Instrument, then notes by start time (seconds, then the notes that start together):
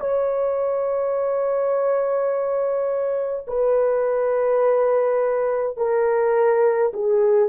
horn
0.00 C#5
3.48 B4
5.77 A#4
6.94 G#4